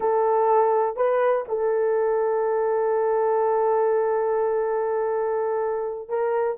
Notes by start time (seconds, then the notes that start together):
0.00 A4
0.96 B4
1.48 A4
6.08 A#4